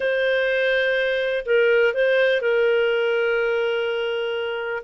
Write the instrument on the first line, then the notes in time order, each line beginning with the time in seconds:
clarinet
0.00 C5
1.45 A#4
1.94 C5
2.41 A#4